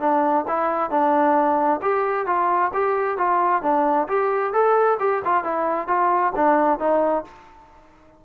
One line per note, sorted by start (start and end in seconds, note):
0.00 0.45 D4
0.48 0.90 E4
0.90 1.80 D4
1.82 2.27 G4
2.27 2.72 F4
2.74 3.17 G4
3.17 3.62 F4
3.62 4.07 D4
4.08 4.53 G4
4.53 4.98 A4
5.00 5.22 G4
5.25 5.44 F4
5.44 5.88 E4
5.88 6.33 F4
6.36 6.79 D4
6.79 7.24 D#4